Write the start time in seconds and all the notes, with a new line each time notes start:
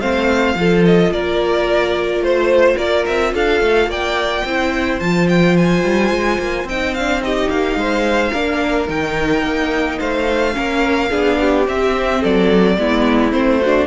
0.00 A3 C4 C5 F5
0.54 F3 F4 A4
0.85 D#5
1.11 A#3 A#4 D5
2.20 A3 C5
2.76 A#3 A#4 D5
3.06 C4 E5
3.34 D4 A4 F5
3.61 A3
3.86 A#3 D5 G5
4.45 C4 E4 C5
4.99 F3 F4 A5
5.29 G5
5.57 G#5
5.83 G3
6.10 G#3
6.39 A#3
6.64 C4 D#4 G5
6.94 D4 F5
7.20 D#4 G4 D#5
7.50 A#3 F5
7.75 G#3 C5
8.31 A#3 D4 A#4
8.87 D#3 D#4 G5
9.42 A#3
9.98 A3 C5 F5
10.53 A#3 C#4 A#4
11.10 B3 D4 G#4
11.40 G4
11.66 C4 E5
12.20 F#3 A4 D5
12.77 G#3 B3 E4
13.31 A3 C4 C5
13.61 D4 F#4